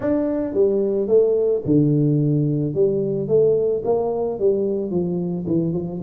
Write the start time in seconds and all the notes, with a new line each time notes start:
0.00 D4
0.53 G3
1.07 A3
1.65 D3
2.74 G3
3.28 A3
3.84 A#3
4.39 G3
4.90 F3
5.46 E3
5.73 F3